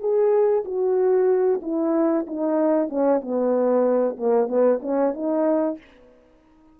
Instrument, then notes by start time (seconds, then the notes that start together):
horn
0.00 G#4
0.65 F#4
1.62 E4
2.27 D#4
2.89 C#4
3.21 B3
4.17 A#3
4.48 B3
4.82 C#4
5.14 D#4